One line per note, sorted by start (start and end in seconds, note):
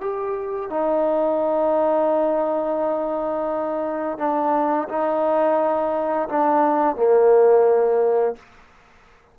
0.00 0.69 G4
0.69 4.18 D#4
4.18 4.87 D4
4.89 6.28 D#4
6.28 6.96 D4
6.96 8.35 A#3